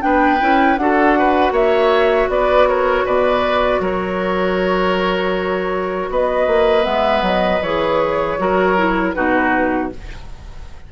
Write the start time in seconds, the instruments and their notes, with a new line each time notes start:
0.00 bassoon B3, clarinet D4, oboe B4, flute G5
0.40 bassoon C#4, clarinet E4
0.77 bassoon D4, clarinet F#4, oboe A4, flute F#5
1.19 oboe B4
1.51 bassoon A#3, oboe C#5, flute E5
2.29 bassoon B3, oboe B4, flute D5
2.68 oboe A#4, flute C#5
3.05 bassoon B2, oboe B4, flute D5
3.80 bassoon F#3, oboe A#4, flute C#5
6.10 bassoon B3, oboe B4, flute D#5
6.47 bassoon A#3
6.83 bassoon G#3, clarinet B3, flute E5
7.22 bassoon F#3, flute D#5
7.61 bassoon E3, clarinet G#4, flute C#5
8.38 bassoon F#3, clarinet F#4, oboe A#4
8.77 clarinet E4
9.13 bassoon B2, clarinet D#4, oboe F#4, flute B4